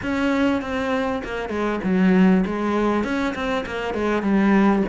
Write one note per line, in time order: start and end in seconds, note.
0.02 0.61 C#4
0.61 1.22 C4
1.23 1.49 A#3
1.49 1.79 G#3
1.83 2.44 F#3
2.45 3.04 G#3
3.04 3.34 C#4
3.34 3.64 C4
3.66 3.93 A#3
3.93 4.22 G#3
4.22 4.82 G3